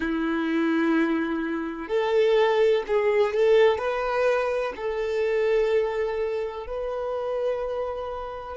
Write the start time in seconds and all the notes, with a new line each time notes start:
0.00 E4
1.88 A4
2.87 G#4
3.34 A4
3.77 B4
4.76 A4
6.67 B4